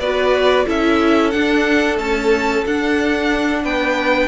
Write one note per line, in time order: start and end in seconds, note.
0.00 0.66 B3
0.00 0.66 F#4
0.00 0.66 B4
0.00 0.66 D5
0.66 1.34 C#4
0.66 1.32 E4
0.66 3.63 A4
0.66 1.31 E5
1.31 1.96 D4
1.31 2.00 D4
1.31 1.97 F#5
1.96 2.62 A3
1.96 2.66 C#4
1.96 2.65 A5
2.66 3.65 D4
2.66 4.28 D4
2.66 3.65 F#5
3.64 4.28 B3
3.64 4.28 B4
3.64 4.28 G5